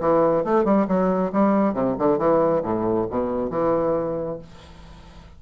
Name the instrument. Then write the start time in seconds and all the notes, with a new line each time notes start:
bassoon
0.00 E3
0.44 A3
0.64 G3
0.88 F#3
1.32 G3
1.74 C3
1.99 D3
2.18 E3
2.63 A2
3.10 B2
3.50 E3